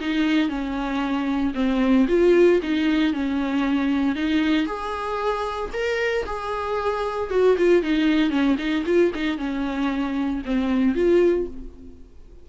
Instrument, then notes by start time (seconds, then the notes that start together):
viola
0.00 D#4
0.49 C#4
1.54 C4
2.08 F4
2.63 D#4
3.13 C#4
4.15 D#4
4.66 G#4
5.73 A#4
6.26 G#4
7.30 F#4
7.57 F4
7.83 D#4
8.30 C#4
8.58 D#4
8.86 F4
9.14 D#4
9.38 C#4
10.45 C4
10.95 F4